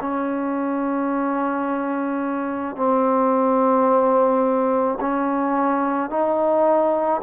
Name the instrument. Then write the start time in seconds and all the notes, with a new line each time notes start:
trombone
0.00 C#4
2.76 C4
5.01 C#4
6.10 D#4